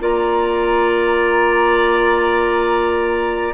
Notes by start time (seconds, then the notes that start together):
0.00 A#3 F4 D5 A#5